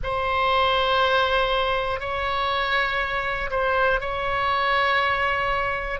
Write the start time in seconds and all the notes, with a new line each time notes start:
0.03 C5
2.00 C#5
3.50 C5
4.00 C#5